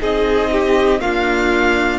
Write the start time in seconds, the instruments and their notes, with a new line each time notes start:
0.00 cello C4, viola D#4, violin G#4 D#5
0.51 violin G4
1.00 viola A#3, cello D4, violin F4 F5